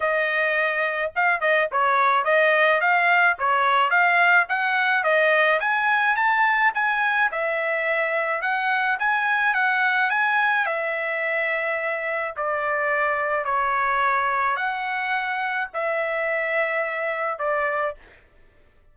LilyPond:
\new Staff \with { instrumentName = "trumpet" } { \time 4/4 \tempo 4 = 107 dis''2 f''8 dis''8 cis''4 | dis''4 f''4 cis''4 f''4 | fis''4 dis''4 gis''4 a''4 | gis''4 e''2 fis''4 |
gis''4 fis''4 gis''4 e''4~ | e''2 d''2 | cis''2 fis''2 | e''2. d''4 | }